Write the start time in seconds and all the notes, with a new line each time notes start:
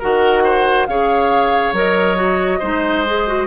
0.00 D#3 F#4 A#4 F#5
0.44 C5
0.87 C#3 G#4 C#5 F5
1.73 F#3 A#4 D#5
2.17 F#4
2.60 G#3 D#4 C5
3.07 G#4
3.28 F#4